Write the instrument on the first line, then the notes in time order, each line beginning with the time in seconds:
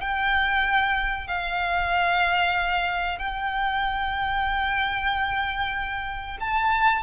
violin
0.00 G5
1.27 F5
3.18 G5
6.40 A5